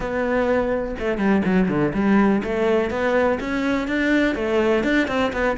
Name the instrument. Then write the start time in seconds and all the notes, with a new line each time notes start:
cello
0.00 B3
0.99 A3
1.17 G3
1.44 F#3
1.68 D3
1.94 G3
2.43 A3
2.90 B3
3.40 C#4
3.87 D4
4.35 A3
4.83 D4
5.07 C4
5.32 B3